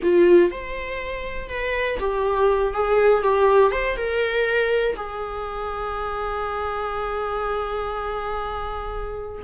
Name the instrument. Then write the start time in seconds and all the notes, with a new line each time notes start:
viola
0.02 F4
0.51 C5
1.49 B4
1.99 G4
2.73 G#4
3.22 G4
3.71 C5
3.96 A#4
4.96 G#4